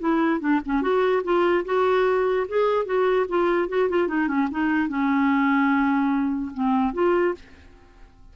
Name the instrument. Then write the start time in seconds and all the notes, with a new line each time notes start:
clarinet
0.00 E4
0.41 D4
0.66 C#4
0.82 F#4
1.24 F4
1.66 F#4
2.49 G#4
2.86 F#4
3.29 F4
3.69 F#4
3.90 F4
4.08 D#4
4.28 C#4
4.52 D#4
4.89 C#4
6.54 C4
6.94 F4